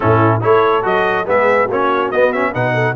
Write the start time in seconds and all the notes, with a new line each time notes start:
0.00 A2 C#4 E4 A4
0.40 A3 E4 A4 C#5
0.82 F#3 F#4 D#5
1.26 G#3 B3 G#4 E5
1.65 A#3 C#4 F#4 C#5
2.11 B3 D#5
2.32 C#4 E5
2.52 B2 D#4 B4 F#5
2.73 A4